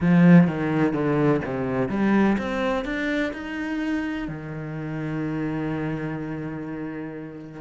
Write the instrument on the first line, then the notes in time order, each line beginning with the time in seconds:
cello
0.00 F3
0.47 D#3
0.93 D3
1.44 C3
1.89 G3
2.38 C4
2.84 D4
3.33 D#4
4.28 D#3